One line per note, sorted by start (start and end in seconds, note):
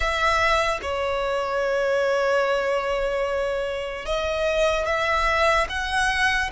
0.00 0.80 E5
0.81 4.05 C#5
4.05 4.86 D#5
4.86 5.67 E5
5.69 6.50 F#5